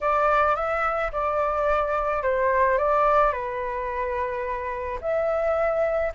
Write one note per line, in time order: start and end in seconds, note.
0.00 0.55 D5
0.55 1.11 E5
1.12 2.22 D5
2.22 2.78 C5
2.78 3.32 D5
3.32 4.99 B4
5.01 6.12 E5